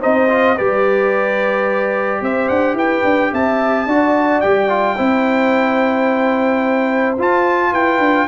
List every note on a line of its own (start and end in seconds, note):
0.00 0.59 C4
0.00 0.28 D#4
0.00 0.55 C5
0.00 0.57 D#5
0.28 0.56 F4
0.55 2.21 G3
0.55 3.87 G4
0.55 2.21 B4
0.55 2.22 D5
2.21 2.49 C4
2.21 2.75 C5
2.21 2.48 E5
2.48 2.73 D4
2.48 2.75 F#5
2.73 3.01 E4
2.73 3.31 B4
2.73 3.33 G5
3.04 3.31 D4
3.32 3.86 C4
3.32 3.86 E5
3.32 4.40 A5
3.86 4.41 D4
3.86 4.43 F#4
3.86 4.96 D5
4.40 4.98 G3
4.40 4.68 G4
4.40 7.16 G5
4.68 4.96 F4
4.96 7.17 C4
4.96 7.17 E4
4.96 7.71 C5
7.17 7.72 F4
7.17 8.27 F4
7.17 7.73 A5
7.71 7.98 E4
7.71 8.26 B4
7.71 8.27 G5
7.98 8.26 D4